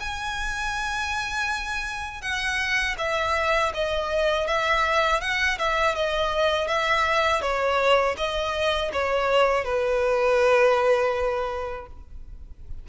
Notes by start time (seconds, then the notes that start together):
0.00 G#5
2.22 F#5
2.98 E5
3.74 D#5
4.47 E5
5.21 F#5
5.59 E5
5.95 D#5
6.68 E5
7.42 C#5
8.17 D#5
8.93 C#5
9.65 B4